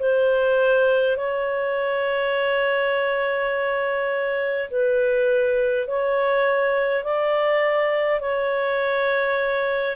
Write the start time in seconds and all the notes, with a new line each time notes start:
0.00 C5
1.17 C#5
4.71 B4
5.88 C#5
7.04 D5
8.20 C#5